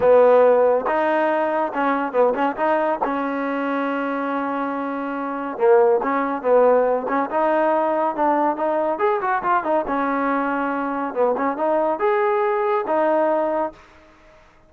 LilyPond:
\new Staff \with { instrumentName = "trombone" } { \time 4/4 \tempo 4 = 140 b2 dis'2 | cis'4 b8 cis'8 dis'4 cis'4~ | cis'1~ | cis'4 ais4 cis'4 b4~ |
b8 cis'8 dis'2 d'4 | dis'4 gis'8 fis'8 f'8 dis'8 cis'4~ | cis'2 b8 cis'8 dis'4 | gis'2 dis'2 | }